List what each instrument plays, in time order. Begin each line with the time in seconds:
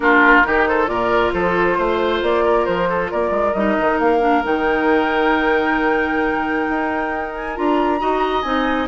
0.00 bassoon A#3, clarinet D4, oboe F4, flute A#4
0.43 bassoon D#3, clarinet D#4, oboe G4
0.66 oboe A4, flute C5
0.86 bassoon A#2, clarinet F4, oboe A#4, flute D5
1.33 bassoon F3, oboe A4, flute C5
1.77 bassoon A3, oboe C5
2.22 bassoon A#3, flute D5
2.44 oboe A#4
2.65 bassoon F3, flute C5
2.89 oboe A4
3.11 bassoon A#3, oboe A#4, flute D5
3.30 bassoon G#3
3.53 bassoon G3, clarinet D#4, flute D#5
3.80 bassoon D#3
3.99 bassoon A#3, flute F5
4.20 clarinet D4
4.43 bassoon D#3, clarinet D#4, flute G5
6.69 bassoon D#4
7.35 flute G#5
7.55 bassoon D4, clarinet F4, flute A#5
7.99 bassoon D#4, clarinet F#4, oboe D#5
8.42 bassoon C4, clarinet D#4, flute G#5